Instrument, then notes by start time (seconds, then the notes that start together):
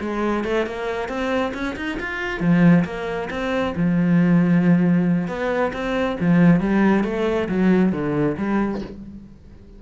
cello
0.00 G#3
0.44 A3
0.66 A#3
1.08 C4
1.53 C#4
1.76 D#4
1.99 F4
2.40 F3
2.84 A#3
3.30 C4
3.76 F3
5.27 B3
5.73 C4
6.20 F3
6.60 G3
7.03 A3
7.48 F#3
7.92 D3
8.37 G3